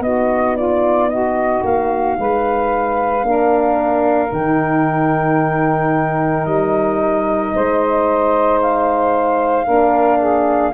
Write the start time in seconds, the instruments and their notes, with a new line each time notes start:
0.00 tuba B3, horn D#4, saxophone F#4, flute D#5
0.56 saxophone F4, flute D5
1.09 saxophone F#4, flute D#5
1.63 tuba A#3, flute F5
2.19 tuba G#3, saxophone B4
3.23 tuba A#3, horn D4, saxophone A#4
4.32 tuba D#3, horn D#4, flute G5
6.45 tuba G3, flute D#5
7.55 tuba G#3, saxophone C5
8.62 flute F5
9.66 tuba A#3, horn D4, saxophone A#4
10.19 saxophone G#4